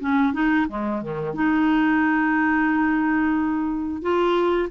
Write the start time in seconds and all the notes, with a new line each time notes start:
0.00 C#4
0.33 D#4
0.69 G#3
1.02 D#3
1.35 D#4
4.02 F4